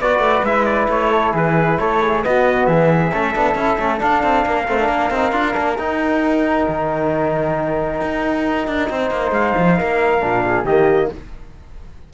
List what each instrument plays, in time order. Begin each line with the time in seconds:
0.00 cello B3, trombone F#4, flute B4, trumpet D5
0.19 cello A3
0.43 cello G#3, trombone E4, trumpet E5
0.65 trumpet D5
0.88 cello A3, trumpet C#5
1.10 flute A4
1.32 cello E3, flute G#4, trumpet B4
1.78 cello A3, flute A4, trumpet C#5
2.01 flute G#4
2.22 trombone B3, cello B3, flute F#4, trumpet D#5
2.66 cello E3, flute G#4, trumpet E5
3.12 cello A3, trombone C#4, flute A4
3.34 cello B3, trombone D4
3.55 cello C#4, trombone E4
3.78 cello A3, trombone C#4
3.98 trombone D4, cello D4, trumpet F5
4.23 cello C4
4.45 cello A#3, flute A#4
4.67 cello A3, trombone C4
4.79 trombone D4
4.88 cello A#3
5.10 cello C4, trombone D#4
5.32 cello D4, trombone F4
5.53 cello A#3, trombone D4
5.77 cello D#4, trombone D#4, trumpet G5
6.68 cello D#3
8.01 cello D#4
8.67 cello D4
8.90 cello C4, flute C5
9.10 cello A#3
9.31 cello G#3, trumpet F5
9.58 cello F3
9.77 cello A#3, flute A#4
10.20 cello A#2, trombone D4
10.46 flute G#4
10.64 cello D#3, trombone A#3, flute G4, trumpet D#5